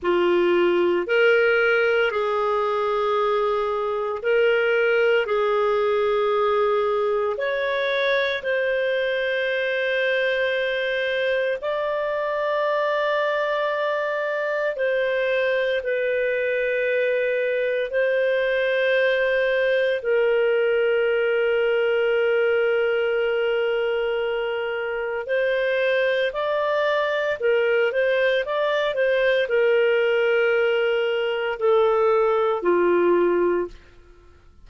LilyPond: \new Staff \with { instrumentName = "clarinet" } { \time 4/4 \tempo 4 = 57 f'4 ais'4 gis'2 | ais'4 gis'2 cis''4 | c''2. d''4~ | d''2 c''4 b'4~ |
b'4 c''2 ais'4~ | ais'1 | c''4 d''4 ais'8 c''8 d''8 c''8 | ais'2 a'4 f'4 | }